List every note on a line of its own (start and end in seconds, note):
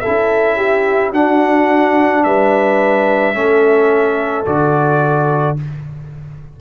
0.00 1.13 E4
0.00 0.57 A4
0.00 1.11 E5
0.08 1.13 C#4
0.57 1.11 G4
1.11 2.24 D4
1.11 3.34 D4
1.11 2.22 F#4
1.11 2.24 F#5
2.24 3.35 G3
2.24 3.37 B4
2.24 4.46 E5
3.34 4.46 A3
3.34 4.46 C#4
3.34 5.61 A4
4.46 5.58 D3
4.46 5.57 F#4
4.46 5.58 D5